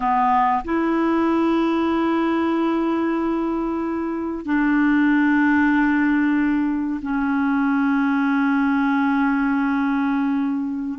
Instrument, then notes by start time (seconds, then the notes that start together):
clarinet
0.00 B3
0.64 E4
4.45 D4
7.02 C#4